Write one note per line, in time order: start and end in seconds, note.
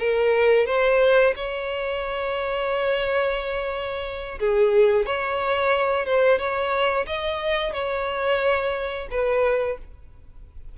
0.00 0.67 A#4
0.67 1.34 C5
1.36 4.40 C#5
4.40 5.07 G#4
5.07 6.06 C#5
6.06 6.39 C5
6.39 7.06 C#5
7.07 7.74 D#5
7.74 9.09 C#5
9.11 9.78 B4